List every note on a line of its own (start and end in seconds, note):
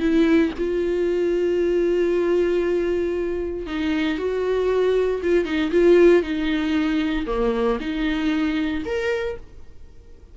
0.00 0.52 E4
0.59 3.67 F4
3.67 4.18 D#4
4.18 5.22 F#4
5.23 5.45 F4
5.45 5.71 D#4
5.72 6.23 F4
6.23 7.26 D#4
7.27 7.79 A#3
7.80 8.84 D#4
8.85 9.37 A#4